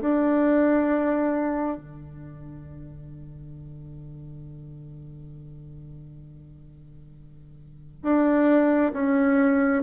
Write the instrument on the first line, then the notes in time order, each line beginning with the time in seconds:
bassoon
0.00 D4
1.77 D3
8.02 D4
8.93 C#4